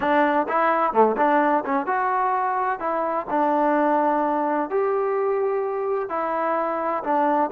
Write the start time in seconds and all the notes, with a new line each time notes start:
0.00 D4
0.48 E4
0.92 A3
1.17 D4
1.65 C#4
1.86 F#4
2.79 E4
3.29 D4
4.70 G4
6.09 E4
7.03 D4